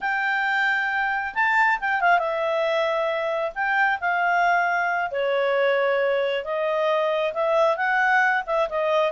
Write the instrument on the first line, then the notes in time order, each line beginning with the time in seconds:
clarinet
0.00 G5
1.34 A5
1.80 G5
2.00 F5
2.18 E5
3.54 G5
4.00 F5
5.11 C#5
6.44 D#5
7.33 E5
7.76 F#5
8.46 E5
8.69 D#5